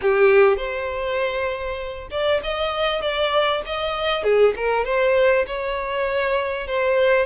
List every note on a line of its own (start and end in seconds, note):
0.01 0.56 G4
0.56 2.08 C5
2.10 2.40 D5
2.43 3.01 D#5
3.01 3.62 D5
3.66 4.23 D#5
4.23 4.54 G#4
4.56 4.85 A#4
4.85 5.45 C5
5.47 6.67 C#5
6.67 7.26 C5